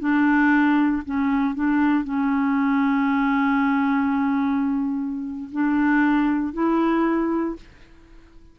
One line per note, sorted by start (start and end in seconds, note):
0.00 1.03 D4
1.05 1.55 C#4
1.55 2.04 D4
2.04 5.50 C#4
5.52 6.54 D4
6.54 7.56 E4